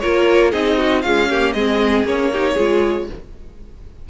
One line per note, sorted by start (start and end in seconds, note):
0.00 0.54 A#3
0.00 0.53 F4
0.00 0.52 A#4
0.00 0.51 C#5
0.52 1.05 C4
0.52 1.04 D#4
0.52 0.78 G#4
0.52 1.02 D#5
0.78 1.02 F#4
1.02 1.30 G#3
1.02 1.54 C#4
1.02 1.28 F4
1.02 1.53 F5
1.29 1.57 A#3
1.29 1.55 G4
1.53 2.05 G#3
1.53 2.07 C4
1.53 2.32 G#4
1.53 2.04 D#5
2.05 2.56 A#3
2.05 2.32 C#4
2.05 3.10 C#5
2.33 2.58 D#4
2.33 2.54 G4
2.54 3.10 G#3
2.54 3.09 F4
2.54 3.05 G#4